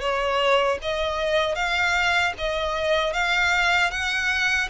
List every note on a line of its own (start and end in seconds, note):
0.00 0.78 C#5
0.81 1.55 D#5
1.55 2.33 F5
2.38 3.13 D#5
3.13 3.90 F5
3.90 4.68 F#5